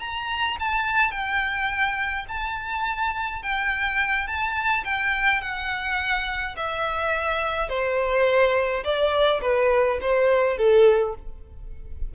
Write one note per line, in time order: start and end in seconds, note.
0.00 0.57 A#5
0.60 1.12 A5
1.12 2.26 G5
2.29 3.43 A5
3.43 4.27 G5
4.27 4.84 A5
4.85 5.42 G5
5.42 6.56 F#5
6.57 7.69 E5
7.69 8.84 C5
8.84 9.41 D5
9.42 9.99 B4
10.02 10.58 C5
10.58 11.15 A4